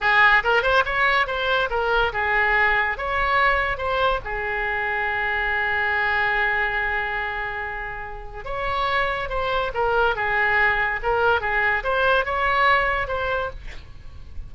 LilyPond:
\new Staff \with { instrumentName = "oboe" } { \time 4/4 \tempo 4 = 142 gis'4 ais'8 c''8 cis''4 c''4 | ais'4 gis'2 cis''4~ | cis''4 c''4 gis'2~ | gis'1~ |
gis'1 | cis''2 c''4 ais'4 | gis'2 ais'4 gis'4 | c''4 cis''2 c''4 | }